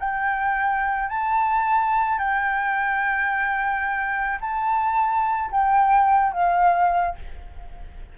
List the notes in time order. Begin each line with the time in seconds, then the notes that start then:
0.00 G5
1.10 A5
2.19 G5
4.41 A5
5.51 G5
6.33 F5